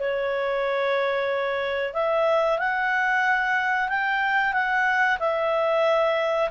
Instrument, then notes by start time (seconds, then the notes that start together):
clarinet
0.00 C#5
1.94 E5
2.59 F#5
3.89 G5
4.54 F#5
5.20 E5